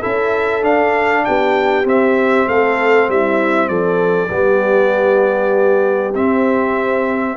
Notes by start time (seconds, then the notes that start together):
0.00 C#4 E4 A4 E5
0.62 D4 F5
1.25 B3 G4 G5
1.84 C4 E5
2.47 A3 A4 F5
3.08 G3 E4 E5
3.69 F3 A4 D5
4.30 G3 B3 G4
6.15 C4 E5